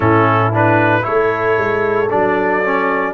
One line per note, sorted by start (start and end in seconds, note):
0.00 1.05 A2
0.00 0.52 C#4
0.00 1.04 E4
0.00 0.52 A4
0.52 1.01 D4
0.52 1.04 B4
1.01 1.57 A3
1.01 2.07 E4
1.01 3.13 A4
1.01 2.09 C#5
1.57 2.10 G#3
2.09 3.13 F#3
2.09 2.63 D4
2.09 3.13 D5
2.63 3.13 C#4